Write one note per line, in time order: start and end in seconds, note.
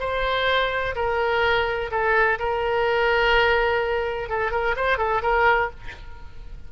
0.00 0.95 C5
0.95 1.91 A#4
1.91 2.39 A4
2.39 4.29 A#4
4.29 4.52 A4
4.52 4.76 A#4
4.76 4.98 C5
4.98 5.22 A4
5.23 5.70 A#4